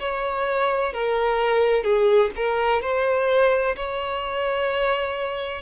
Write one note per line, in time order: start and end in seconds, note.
0.00 0.94 C#5
0.94 1.84 A#4
1.84 2.31 G#4
2.37 2.82 A#4
2.82 3.76 C5
3.76 5.62 C#5